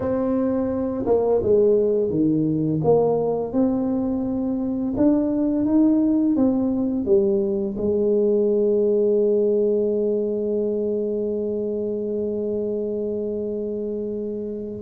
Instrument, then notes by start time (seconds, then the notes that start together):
tuba
0.00 C4
1.06 A#3
1.42 G#3
2.10 D#3
2.84 A#3
3.52 C4
4.96 D4
5.65 D#4
6.36 C4
7.05 G3
7.76 G#3